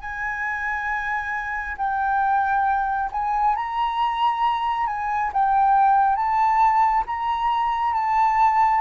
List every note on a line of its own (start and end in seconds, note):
0.00 1.76 G#5
1.77 3.10 G5
3.12 3.55 G#5
3.55 4.86 A#5
4.86 5.31 G#5
5.33 6.16 G5
6.16 7.04 A5
7.06 7.93 A#5
7.93 8.81 A5